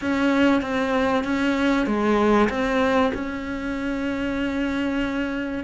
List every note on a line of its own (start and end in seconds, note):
0.01 0.61 C#4
0.61 1.24 C4
1.24 1.86 C#4
1.86 2.49 G#3
2.49 3.12 C4
3.14 5.63 C#4